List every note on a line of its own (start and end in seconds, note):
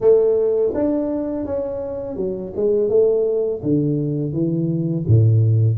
0.00 0.73 A3
0.74 1.45 D4
1.45 2.16 C#4
2.16 2.52 F#3
2.55 2.89 G#3
2.89 3.61 A3
3.62 4.32 D3
4.32 5.05 E3
5.07 5.77 A2